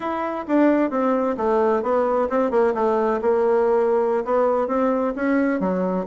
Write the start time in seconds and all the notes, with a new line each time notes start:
0.00 E4
0.47 D4
0.90 C4
1.37 A3
1.82 B3
2.29 C4
2.50 A#3
2.74 A3
3.21 A#3
4.24 B3
4.67 C4
5.15 C#4
5.60 F#3